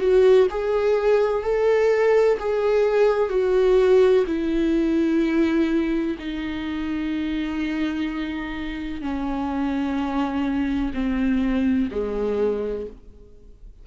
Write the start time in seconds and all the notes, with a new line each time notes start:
0.00 F#4
0.51 G#4
1.43 A4
2.40 G#4
3.29 F#4
4.27 E4
6.19 D#4
9.02 C#4
10.94 C4
11.91 G#3